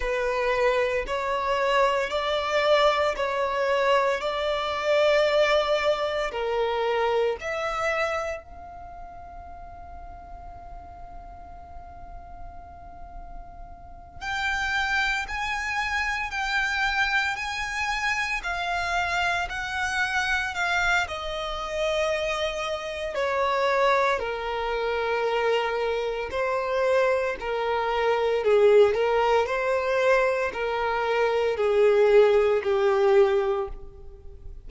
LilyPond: \new Staff \with { instrumentName = "violin" } { \time 4/4 \tempo 4 = 57 b'4 cis''4 d''4 cis''4 | d''2 ais'4 e''4 | f''1~ | f''4. g''4 gis''4 g''8~ |
g''8 gis''4 f''4 fis''4 f''8 | dis''2 cis''4 ais'4~ | ais'4 c''4 ais'4 gis'8 ais'8 | c''4 ais'4 gis'4 g'4 | }